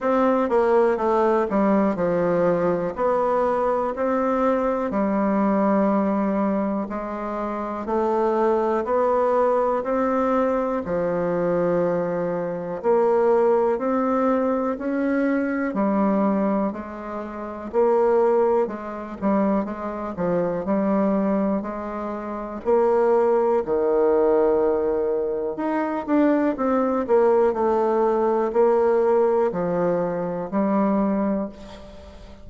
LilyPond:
\new Staff \with { instrumentName = "bassoon" } { \time 4/4 \tempo 4 = 61 c'8 ais8 a8 g8 f4 b4 | c'4 g2 gis4 | a4 b4 c'4 f4~ | f4 ais4 c'4 cis'4 |
g4 gis4 ais4 gis8 g8 | gis8 f8 g4 gis4 ais4 | dis2 dis'8 d'8 c'8 ais8 | a4 ais4 f4 g4 | }